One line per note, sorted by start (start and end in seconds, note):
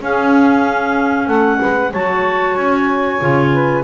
0.00 1.91 C#4
0.00 1.27 C#4
0.00 1.25 G#4
0.00 1.28 F5
1.25 1.59 A3
1.25 1.57 A4
1.25 1.91 F#5
1.60 1.93 G#3
1.60 1.91 B4
1.91 2.57 F#3
1.91 3.19 F#4
1.91 3.50 C#5
1.91 2.56 A5
2.56 3.20 C#4
2.56 3.84 G#5
3.19 3.84 C#3
3.19 3.83 F4
3.53 3.84 B4